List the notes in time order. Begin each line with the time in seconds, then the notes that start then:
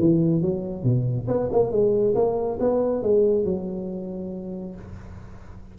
0.00 E3
0.42 F#3
0.84 B2
1.28 B3
1.52 A#3
1.72 G#3
2.15 A#3
2.60 B3
3.03 G#3
3.45 F#3